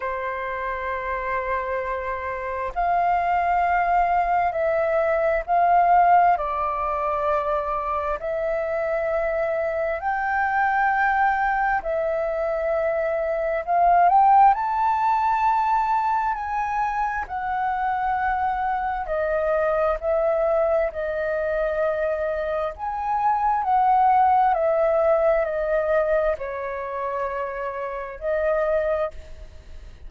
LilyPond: \new Staff \with { instrumentName = "flute" } { \time 4/4 \tempo 4 = 66 c''2. f''4~ | f''4 e''4 f''4 d''4~ | d''4 e''2 g''4~ | g''4 e''2 f''8 g''8 |
a''2 gis''4 fis''4~ | fis''4 dis''4 e''4 dis''4~ | dis''4 gis''4 fis''4 e''4 | dis''4 cis''2 dis''4 | }